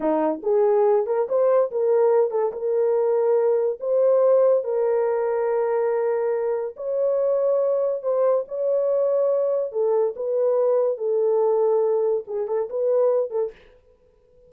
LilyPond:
\new Staff \with { instrumentName = "horn" } { \time 4/4 \tempo 4 = 142 dis'4 gis'4. ais'8 c''4 | ais'4. a'8 ais'2~ | ais'4 c''2 ais'4~ | ais'1 |
cis''2. c''4 | cis''2. a'4 | b'2 a'2~ | a'4 gis'8 a'8 b'4. a'8 | }